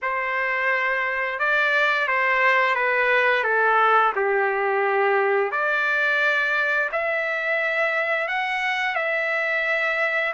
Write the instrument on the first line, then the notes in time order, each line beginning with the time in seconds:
trumpet
0.02 C5
1.39 D5
2.07 C5
2.75 B4
3.43 A4
4.15 G4
5.51 D5
6.92 E5
8.28 F#5
8.95 E5